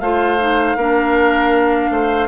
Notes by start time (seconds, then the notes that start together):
0.00 A3 F4 C5 F5
0.39 D#4
0.76 A#3 D4 A#4
1.90 A3 C5